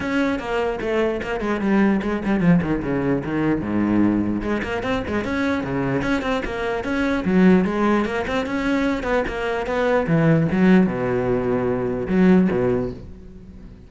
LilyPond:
\new Staff \with { instrumentName = "cello" } { \time 4/4 \tempo 4 = 149 cis'4 ais4 a4 ais8 gis8 | g4 gis8 g8 f8 dis8 cis4 | dis4 gis,2 gis8 ais8 | c'8 gis8 cis'4 cis4 cis'8 c'8 |
ais4 cis'4 fis4 gis4 | ais8 c'8 cis'4. b8 ais4 | b4 e4 fis4 b,4~ | b,2 fis4 b,4 | }